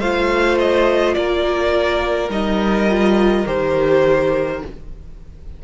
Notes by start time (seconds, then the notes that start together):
0.00 A3 F4 C5 F5
0.59 D#5
1.14 A#3 A#4 D5
2.29 G3 D#4 D#5
2.89 F4
3.46 D#3 G4 C5